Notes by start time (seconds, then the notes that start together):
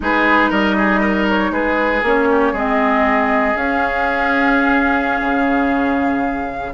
0.00 G#3 D#4 G#4 B4
0.50 G3 A#4 D#5
0.77 G#4
1.00 A#4
1.28 C#5
1.51 G#3 G#4 B4
2.02 A#3 C#4 C#5
2.31 G4
2.52 G#3 C4 G#4 D#5
3.55 C#4 F5
5.20 C#3